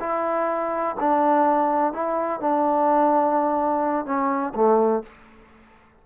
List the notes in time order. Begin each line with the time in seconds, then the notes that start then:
0.00 E4
1.00 D4
1.93 E4
2.40 D4
4.06 C#4
4.55 A3